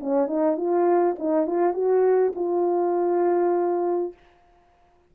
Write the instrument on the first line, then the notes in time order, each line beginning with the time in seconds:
horn
0.00 C#4
0.27 D#4
0.57 F4
1.19 D#4
1.47 F4
1.73 F#4
2.35 F4